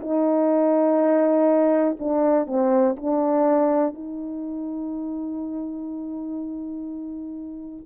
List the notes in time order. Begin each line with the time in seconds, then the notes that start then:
0.00 D#4
1.99 D4
2.47 C4
2.96 D4
3.94 D#4